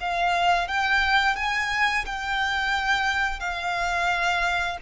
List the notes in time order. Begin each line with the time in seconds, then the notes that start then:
0.00 F5
0.68 G5
1.36 G#5
2.06 G5
3.39 F5